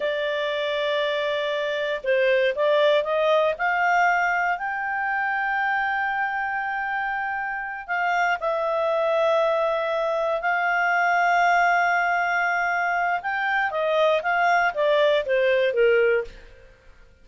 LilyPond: \new Staff \with { instrumentName = "clarinet" } { \time 4/4 \tempo 4 = 118 d''1 | c''4 d''4 dis''4 f''4~ | f''4 g''2.~ | g''2.~ g''8 f''8~ |
f''8 e''2.~ e''8~ | e''8 f''2.~ f''8~ | f''2 g''4 dis''4 | f''4 d''4 c''4 ais'4 | }